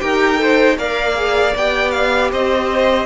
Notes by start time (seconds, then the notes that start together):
0.00 D#4 G4 A#4 G5
0.36 A4 C5
0.78 A#3 A#4 D5 F5
1.15 G#4
1.55 B3 G4 G5
1.91 F5
2.31 C4 C5 D#5